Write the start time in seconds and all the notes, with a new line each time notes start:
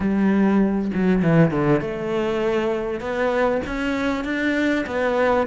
0.00 G3
0.93 F#3
1.22 E3
1.50 D3
1.80 A3
3.00 B3
3.66 C#4
4.24 D4
4.86 B3